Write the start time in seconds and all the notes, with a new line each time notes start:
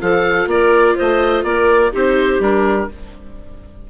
0.00 F3 F4 A4 F5
0.47 A#3 A#4 D5
0.96 A3 C5 D#5
1.44 A#3 A#4 D5
1.93 C4 D#4 G4 C5
2.40 G3 D4 A#4